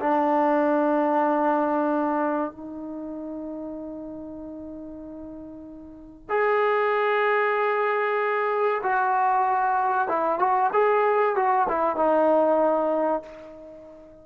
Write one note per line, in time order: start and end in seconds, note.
0.00 2.51 D4
2.51 6.29 D#4
6.29 8.81 G#4
8.82 10.08 F#4
10.08 10.39 E4
10.39 10.70 F#4
10.73 11.35 G#4
11.35 11.67 F#4
11.68 11.96 E4
11.96 13.22 D#4